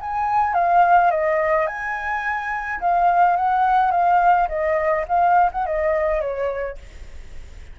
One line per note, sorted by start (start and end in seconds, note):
0.00 0.54 G#5
0.54 1.10 F5
1.11 1.66 D#5
1.66 2.80 G#5
2.80 3.36 F5
3.36 3.91 F#5
3.91 4.48 F5
4.48 5.05 D#5
5.08 5.50 F5
5.52 5.66 F#5
5.66 6.21 D#5
6.21 6.77 C#5